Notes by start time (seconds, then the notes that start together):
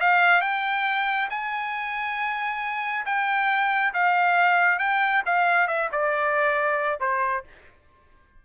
0.00 F5
0.41 G5
1.30 G#5
3.06 G5
3.94 F5
4.79 G5
5.26 F5
5.68 E5
5.92 D5
7.00 C5